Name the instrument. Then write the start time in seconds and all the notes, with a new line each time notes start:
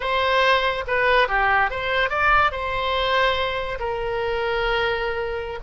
oboe
0.00 C5
0.87 B4
1.28 G4
1.70 C5
2.09 D5
2.51 C5
3.79 A#4